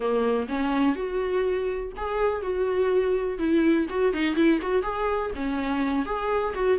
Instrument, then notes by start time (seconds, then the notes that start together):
viola
0.00 A#3
0.48 C#4
0.95 F#4
1.96 G#4
2.42 F#4
3.38 E4
3.89 F#4
4.13 D#4
4.35 E4
4.61 F#4
4.82 G#4
5.35 C#4
6.05 G#4
6.54 F#4